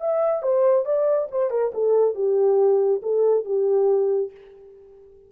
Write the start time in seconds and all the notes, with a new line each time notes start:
0.00 E5
0.42 C5
0.85 D5
1.31 C5
1.50 A#4
1.74 A4
2.14 G4
3.02 A4
3.44 G4